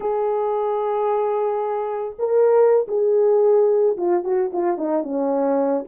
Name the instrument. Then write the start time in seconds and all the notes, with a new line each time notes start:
horn
0.00 G#4
2.18 A#4
2.88 G#4
3.97 F4
4.23 F#4
4.52 F4
4.77 D#4
5.03 C#4